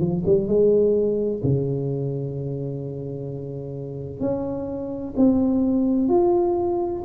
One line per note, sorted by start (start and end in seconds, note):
0.00 0.23 F3
0.26 0.48 G3
0.48 1.41 G#3
1.43 4.21 C#3
4.21 5.14 C#4
5.16 6.09 C4
6.09 7.03 F4